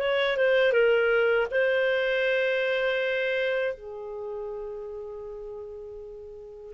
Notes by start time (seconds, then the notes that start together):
0.00 C#5
0.37 C5
0.73 A#4
1.51 C5
3.75 G#4